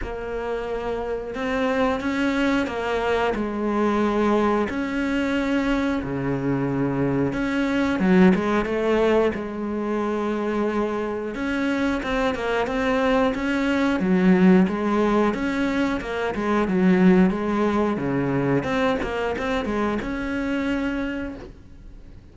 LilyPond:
\new Staff \with { instrumentName = "cello" } { \time 4/4 \tempo 4 = 90 ais2 c'4 cis'4 | ais4 gis2 cis'4~ | cis'4 cis2 cis'4 | fis8 gis8 a4 gis2~ |
gis4 cis'4 c'8 ais8 c'4 | cis'4 fis4 gis4 cis'4 | ais8 gis8 fis4 gis4 cis4 | c'8 ais8 c'8 gis8 cis'2 | }